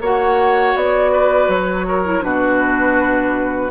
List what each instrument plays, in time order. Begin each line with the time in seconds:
0.00 bassoon A#3, clarinet F#4, oboe C#5, flute F#5
0.75 bassoon B3, flute D5
1.12 oboe B4
1.48 bassoon F#3, flute C#5
1.87 oboe A#4
2.04 clarinet E4
2.21 bassoon B2, clarinet D4, oboe F#4, flute B4